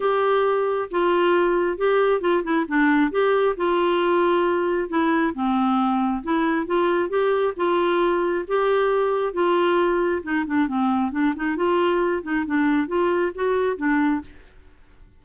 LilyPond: \new Staff \with { instrumentName = "clarinet" } { \time 4/4 \tempo 4 = 135 g'2 f'2 | g'4 f'8 e'8 d'4 g'4 | f'2. e'4 | c'2 e'4 f'4 |
g'4 f'2 g'4~ | g'4 f'2 dis'8 d'8 | c'4 d'8 dis'8 f'4. dis'8 | d'4 f'4 fis'4 d'4 | }